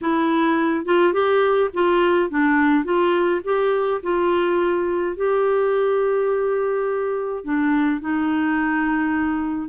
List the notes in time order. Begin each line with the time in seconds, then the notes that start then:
0.01 E4
0.85 F4
1.13 G4
1.73 F4
2.29 D4
2.84 F4
3.44 G4
4.02 F4
5.16 G4
7.44 D4
8.01 D#4